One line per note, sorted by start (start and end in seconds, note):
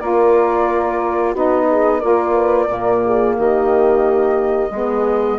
0.00 1.35 A#3
0.00 1.35 F4
0.00 1.31 A#4
0.00 1.35 D5
1.31 2.02 B3
1.31 2.02 D#4
1.31 1.65 F#4
1.31 2.00 D#5
1.70 1.99 G#4
1.99 2.68 A#3
1.99 2.66 F4
1.99 2.33 A#4
1.99 3.35 D5
2.34 2.68 B4
2.66 3.36 A#2
2.66 4.69 A#3
2.66 3.02 A#4
3.05 3.38 G#4
3.38 4.71 D#3
3.38 4.72 G4
3.38 5.39 D#5
4.71 5.38 G#3
4.71 5.39 B3
4.71 5.39 G#4